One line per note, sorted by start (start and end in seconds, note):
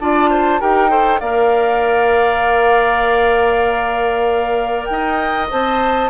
0.00 0.61 D4
0.00 0.60 F4
0.00 0.30 D5
0.00 0.61 A5
0.30 0.60 C5
0.60 1.21 D#4
0.60 0.89 G4
0.60 0.90 A#4
0.60 1.20 G5
0.89 1.20 A4
0.89 1.20 C5
1.20 4.89 A#3
1.20 5.50 A#4
1.20 4.87 D5
1.20 4.85 F5
4.85 5.51 D#4
4.85 5.46 G5
4.92 6.10 D#5
5.50 6.10 C4
5.50 6.10 C5
5.50 6.10 A5